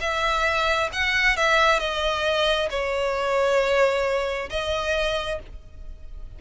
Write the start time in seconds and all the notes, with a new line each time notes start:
0.00 E5
0.92 F#5
1.36 E5
1.79 D#5
2.70 C#5
4.49 D#5